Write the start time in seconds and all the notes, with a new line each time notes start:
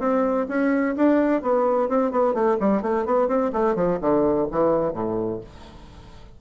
0.00 C4
0.48 C#4
0.97 D4
1.42 B3
1.89 C4
2.12 B3
2.34 A3
2.60 G3
2.82 A3
3.06 B3
3.28 C4
3.53 A3
3.75 F3
4.01 D3
4.51 E3
4.93 A2